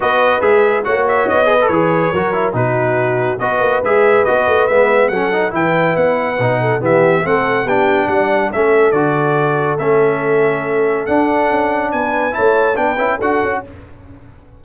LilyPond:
<<
  \new Staff \with { instrumentName = "trumpet" } { \time 4/4 \tempo 4 = 141 dis''4 e''4 fis''8 e''8 dis''4 | cis''2 b'2 | dis''4 e''4 dis''4 e''4 | fis''4 g''4 fis''2 |
e''4 fis''4 g''4 fis''4 | e''4 d''2 e''4~ | e''2 fis''2 | gis''4 a''4 g''4 fis''4 | }
  \new Staff \with { instrumentName = "horn" } { \time 4/4 b'2 cis''4. b'8~ | b'4 ais'4 fis'2 | b'1 | a'4 b'2~ b'8 a'8 |
g'4 a'4 g'4 d''4 | a'1~ | a'1 | b'4 cis''4 b'4 a'4 | }
  \new Staff \with { instrumentName = "trombone" } { \time 4/4 fis'4 gis'4 fis'4. gis'16 a'16 | gis'4 fis'8 e'8 dis'2 | fis'4 gis'4 fis'4 b4 | cis'8 dis'8 e'2 dis'4 |
b4 c'4 d'2 | cis'4 fis'2 cis'4~ | cis'2 d'2~ | d'4 e'4 d'8 e'8 fis'4 | }
  \new Staff \with { instrumentName = "tuba" } { \time 4/4 b4 gis4 ais4 b4 | e4 fis4 b,2 | b8 ais8 gis4 b8 a8 gis4 | fis4 e4 b4 b,4 |
e4 a4 b4 g4 | a4 d2 a4~ | a2 d'4 cis'4 | b4 a4 b8 cis'8 d'8 cis'8 | }
>>